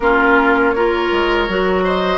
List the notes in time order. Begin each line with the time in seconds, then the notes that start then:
0.00 A#3 C#4 F4 A#4
0.70 F4 A#4 C#5
1.12 G#3
1.48 F#3 F#4
1.84 C5 D#5